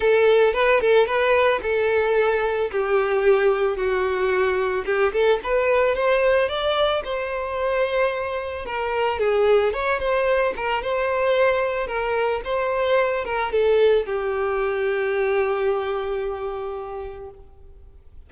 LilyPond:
\new Staff \with { instrumentName = "violin" } { \time 4/4 \tempo 4 = 111 a'4 b'8 a'8 b'4 a'4~ | a'4 g'2 fis'4~ | fis'4 g'8 a'8 b'4 c''4 | d''4 c''2. |
ais'4 gis'4 cis''8 c''4 ais'8 | c''2 ais'4 c''4~ | c''8 ais'8 a'4 g'2~ | g'1 | }